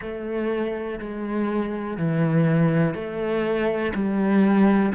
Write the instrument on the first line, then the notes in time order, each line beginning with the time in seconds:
cello
0.01 A3
0.99 G#3
1.97 E3
2.94 A3
3.94 G3